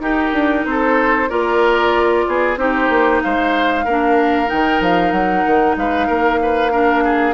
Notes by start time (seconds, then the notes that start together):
0.00 D#4 G4 A#4
0.33 D4
0.66 C4 A4 C5
1.30 A#3 F4 A#4 D5
2.27 B3 G#4
2.57 C4 D#4 G4 C5
2.90 A#3
3.23 G#3 C5 F5
3.85 A#3 D4 A#4
4.47 D#3 D#4 G5
4.81 F3 F5
5.12 F#3 F#5
5.47 D#3
5.77 G#3 B4 F5
6.07 A#3 A#4
6.43 B4
6.72 D4 A#4
7.05 G#4